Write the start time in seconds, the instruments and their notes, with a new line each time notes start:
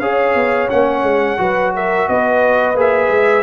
0.00 tuba C#4, trombone G#4, horn C#5, trumpet F5
0.35 tuba B3
0.70 tuba A#3, trombone C#4, trumpet F#5
1.03 tuba G#3
1.38 tuba F#3, trombone F#4, horn B4
1.76 horn A#4, trumpet E5
2.09 tuba B3, horn B4, trumpet D#5
2.75 tuba A#3, trombone G#4, trumpet E5
3.10 tuba G#3